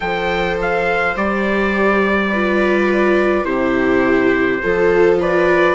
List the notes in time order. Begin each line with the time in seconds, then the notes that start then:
0.00 F3 A4 C5 G5
0.61 F5
1.16 G3 G4 D5
2.30 F4 B4
3.44 C3 E4 G4 C5
4.62 F3 F4 A4
5.20 B4 D5